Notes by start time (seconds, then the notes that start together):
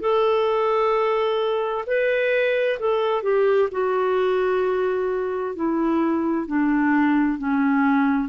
0.00 A4
1.86 B4
2.79 A4
3.23 G4
3.71 F#4
5.55 E4
6.47 D4
7.38 C#4